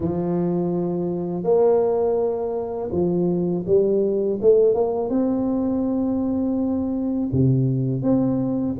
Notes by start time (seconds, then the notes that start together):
0.00 F3
1.43 A#3
2.91 F3
3.66 G3
4.41 A3
4.74 A#3
5.09 C4
7.32 C3
8.02 C4